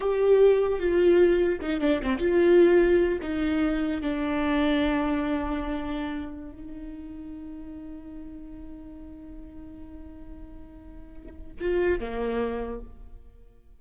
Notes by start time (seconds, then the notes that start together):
0.00 G4
0.79 F4
1.61 D#4
1.80 D4
2.02 C4
2.18 F4
3.21 D#4
4.01 D4
6.51 D#4
11.60 F4
12.00 A#3